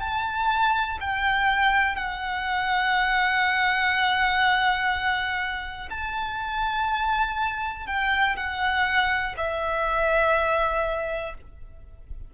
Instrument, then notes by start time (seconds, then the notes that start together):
violin
0.00 A5
1.00 G5
1.95 F#5
5.90 A5
7.86 G5
8.37 F#5
9.37 E5